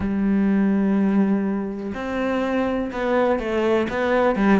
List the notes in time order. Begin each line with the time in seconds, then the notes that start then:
0.00 G3
1.94 C4
2.92 B3
3.39 A3
3.89 B3
4.35 G3